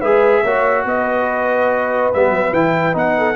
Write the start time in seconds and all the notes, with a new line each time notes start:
0.00 G#3 G#4 B4 E5
0.43 A#3 F#4 C#5
0.85 B3 B4 D#5
2.13 G3 B3 E5
2.30 F#3
2.52 E3 E4 G5
2.93 B3 D#4 F#5
3.17 A4